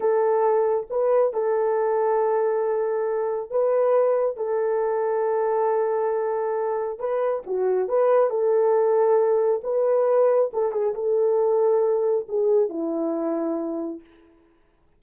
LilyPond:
\new Staff \with { instrumentName = "horn" } { \time 4/4 \tempo 4 = 137 a'2 b'4 a'4~ | a'1 | b'2 a'2~ | a'1 |
b'4 fis'4 b'4 a'4~ | a'2 b'2 | a'8 gis'8 a'2. | gis'4 e'2. | }